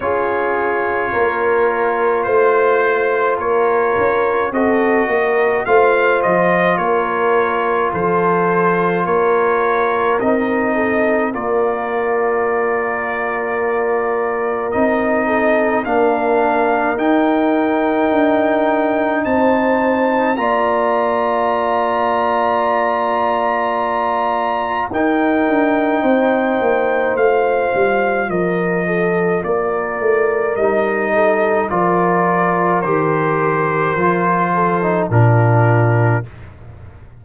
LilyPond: <<
  \new Staff \with { instrumentName = "trumpet" } { \time 4/4 \tempo 4 = 53 cis''2 c''4 cis''4 | dis''4 f''8 dis''8 cis''4 c''4 | cis''4 dis''4 d''2~ | d''4 dis''4 f''4 g''4~ |
g''4 a''4 ais''2~ | ais''2 g''2 | f''4 dis''4 d''4 dis''4 | d''4 c''2 ais'4 | }
  \new Staff \with { instrumentName = "horn" } { \time 4/4 gis'4 ais'4 c''4 ais'4 | a'8 ais'8 c''4 ais'4 a'4 | ais'4. a'8 ais'2~ | ais'4. a'8 ais'2~ |
ais'4 c''4 d''2~ | d''2 ais'4 c''4~ | c''4 ais'8 a'8 ais'4. a'8 | ais'2~ ais'8 a'8 f'4 | }
  \new Staff \with { instrumentName = "trombone" } { \time 4/4 f'1 | fis'4 f'2.~ | f'4 dis'4 f'2~ | f'4 dis'4 d'4 dis'4~ |
dis'2 f'2~ | f'2 dis'2 | f'2. dis'4 | f'4 g'4 f'8. dis'16 d'4 | }
  \new Staff \with { instrumentName = "tuba" } { \time 4/4 cis'4 ais4 a4 ais8 cis'8 | c'8 ais8 a8 f8 ais4 f4 | ais4 c'4 ais2~ | ais4 c'4 ais4 dis'4 |
d'4 c'4 ais2~ | ais2 dis'8 d'8 c'8 ais8 | a8 g8 f4 ais8 a8 g4 | f4 dis4 f4 ais,4 | }
>>